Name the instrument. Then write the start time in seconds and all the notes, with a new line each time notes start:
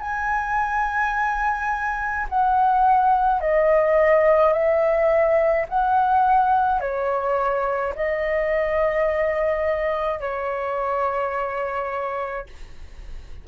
flute
0.00 G#5
2.29 F#5
3.41 D#5
4.52 E5
5.69 F#5
6.80 C#5
7.95 D#5
10.20 C#5